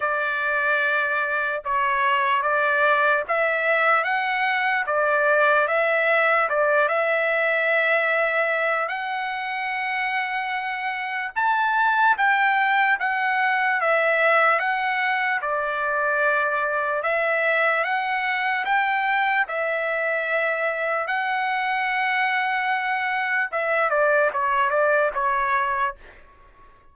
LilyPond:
\new Staff \with { instrumentName = "trumpet" } { \time 4/4 \tempo 4 = 74 d''2 cis''4 d''4 | e''4 fis''4 d''4 e''4 | d''8 e''2~ e''8 fis''4~ | fis''2 a''4 g''4 |
fis''4 e''4 fis''4 d''4~ | d''4 e''4 fis''4 g''4 | e''2 fis''2~ | fis''4 e''8 d''8 cis''8 d''8 cis''4 | }